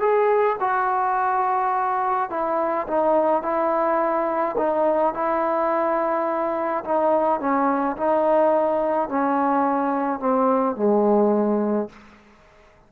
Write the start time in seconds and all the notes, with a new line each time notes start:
0.00 G#4
0.60 F#4
2.30 E4
2.87 D#4
3.43 E4
4.57 D#4
5.14 E4
6.84 D#4
7.40 C#4
7.97 D#4
9.09 C#4
10.20 C4
10.76 G#3